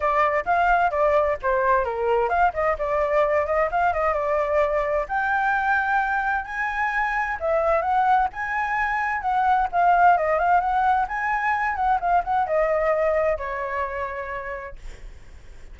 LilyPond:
\new Staff \with { instrumentName = "flute" } { \time 4/4 \tempo 4 = 130 d''4 f''4 d''4 c''4 | ais'4 f''8 dis''8 d''4. dis''8 | f''8 dis''8 d''2 g''4~ | g''2 gis''2 |
e''4 fis''4 gis''2 | fis''4 f''4 dis''8 f''8 fis''4 | gis''4. fis''8 f''8 fis''8 dis''4~ | dis''4 cis''2. | }